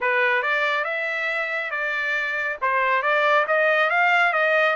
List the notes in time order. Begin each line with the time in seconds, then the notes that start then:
0.00 B4
0.42 D5
0.84 E5
1.71 D5
2.61 C5
3.02 D5
3.47 D#5
3.90 F5
4.32 D#5